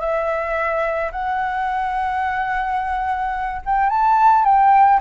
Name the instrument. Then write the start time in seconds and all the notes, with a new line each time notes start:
flute
0.00 E5
1.12 F#5
3.65 G5
3.89 A5
4.45 G5